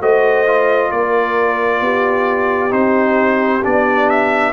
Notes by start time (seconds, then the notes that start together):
0.00 A3 F#4 C5 D#5
0.47 F4
0.91 A#3 A#4 D5
1.81 B3 G4
2.70 C4 D#4 C5
3.63 B3 D4 D5
4.10 E5